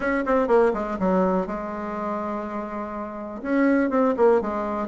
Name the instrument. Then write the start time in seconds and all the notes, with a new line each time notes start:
bassoon
0.00 C#4
0.25 C4
0.47 A#3
0.73 G#3
0.99 F#3
1.47 G#3
3.42 C#4
3.90 C4
4.16 A#3
4.41 G#3